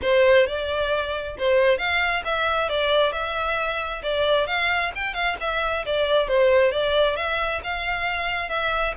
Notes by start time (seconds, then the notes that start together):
0.02 C5
0.47 D5
1.38 C5
1.78 F5
2.24 E5
2.69 D5
3.12 E5
4.02 D5
4.46 F5
4.95 G5
5.14 F5
5.40 E5
5.85 D5
6.28 C5
6.71 D5
7.16 E5
7.63 F5
8.49 E5